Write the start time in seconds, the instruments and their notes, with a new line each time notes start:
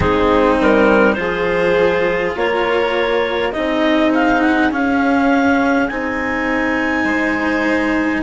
0.00 bassoon G#3, cello C4, violin D#4, clarinet G#4
0.60 bassoon G3, clarinet A#4
1.13 bassoon F3, cello F4, violin G#4, clarinet C5
2.36 bassoon A#3, violin A#4, clarinet C#5
3.52 bassoon C4, cello D#4, violin G#4, clarinet D#5
4.14 clarinet F5
4.41 clarinet F#5
4.71 bassoon C#4, cello C#4, clarinet F5
5.88 bassoon C4, cello D#4, clarinet G#5
7.04 bassoon G#3, violin C5